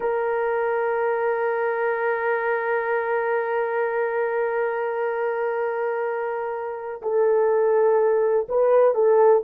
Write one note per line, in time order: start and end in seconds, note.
0.00 7.01 A#4
7.02 8.47 A4
8.49 8.94 B4
8.94 9.42 A4